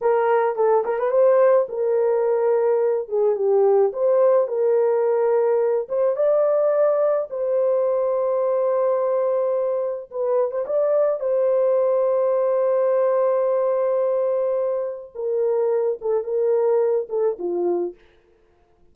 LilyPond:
\new Staff \with { instrumentName = "horn" } { \time 4/4 \tempo 4 = 107 ais'4 a'8 ais'16 b'16 c''4 ais'4~ | ais'4. gis'8 g'4 c''4 | ais'2~ ais'8 c''8 d''4~ | d''4 c''2.~ |
c''2 b'8. c''16 d''4 | c''1~ | c''2. ais'4~ | ais'8 a'8 ais'4. a'8 f'4 | }